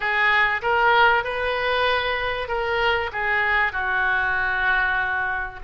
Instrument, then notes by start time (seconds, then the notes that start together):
oboe
0.00 G#4
0.62 A#4
1.23 B4
2.48 A#4
3.12 G#4
3.72 F#4